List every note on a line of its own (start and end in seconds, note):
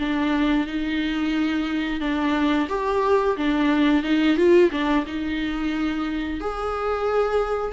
0.00 0.67 D4
0.67 2.01 D#4
2.01 2.68 D4
2.69 3.37 G4
3.37 4.04 D4
4.04 4.37 D#4
4.37 4.71 F4
4.72 5.06 D4
5.07 6.41 D#4
6.41 7.73 G#4